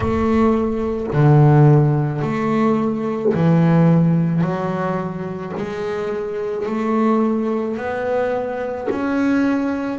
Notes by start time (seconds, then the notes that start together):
0.00 A3
1.13 D3
2.21 A3
3.33 E3
4.41 F#3
5.57 G#3
6.66 A3
7.77 B3
8.90 C#4